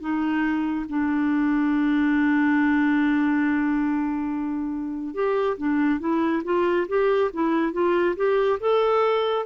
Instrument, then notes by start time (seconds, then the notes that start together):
clarinet
0.00 D#4
0.89 D4
5.14 G4
5.58 D4
6.00 E4
6.44 F4
6.88 G4
7.33 E4
7.73 F4
8.16 G4
8.60 A4